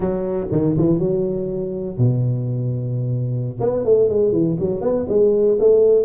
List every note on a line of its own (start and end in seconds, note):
0.00 0.47 F#3
0.51 0.76 D#3
0.77 0.98 E3
0.98 1.97 F#3
1.97 3.59 B2
3.60 3.84 B3
3.84 4.09 A3
4.09 4.32 G#3
4.32 4.56 E3
4.59 4.81 F#3
4.81 5.06 B3
5.08 5.58 G#3
5.59 6.04 A3